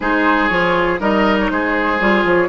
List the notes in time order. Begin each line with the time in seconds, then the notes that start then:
0.00 G#3 D#4 G#4 C5
0.48 F3 F4 C#5
0.99 G3 D#4 A#4 D#5
1.39 C#5
1.50 G#3 G#4 C5
1.99 G3 F4
2.24 F3 C#5